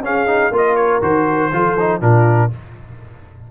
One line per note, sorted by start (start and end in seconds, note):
0.00 0.50 C#4
0.00 0.27 C#4
0.00 0.52 G#4
0.00 0.54 F5
0.27 0.51 D#4
0.51 1.00 A#3
0.51 1.01 F4
0.51 1.52 A#4
0.57 0.75 D#5
0.75 1.00 C#5
1.01 1.51 D#3
1.01 1.51 F#4
1.01 2.01 C5
1.52 2.01 F3
1.52 1.77 F4
1.52 2.00 A4
1.79 2.01 D#4
2.00 2.50 A#2
2.00 2.50 D4
2.00 2.50 F4
2.00 2.51 A#4